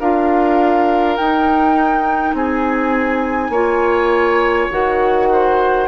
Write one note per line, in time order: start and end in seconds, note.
0.00 1.18 D4
0.00 1.19 F4
0.00 2.35 A#4
0.00 1.17 F5
1.17 3.54 D#4
1.17 2.34 D#4
1.17 2.35 G5
2.34 3.50 C4
2.34 3.52 G#4
2.34 4.71 G#5
3.50 4.67 A#3
3.50 4.71 F4
3.50 5.28 C#5
4.71 5.88 D#3
4.71 5.88 F#4
4.71 5.88 F#5
5.32 5.88 C5